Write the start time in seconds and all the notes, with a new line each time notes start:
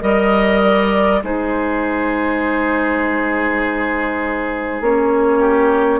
0.00 G3 A#4 D#5
0.63 D5
1.23 G#3 D#4 G#4 C5
4.80 A#3 C#4 C#5
5.39 G4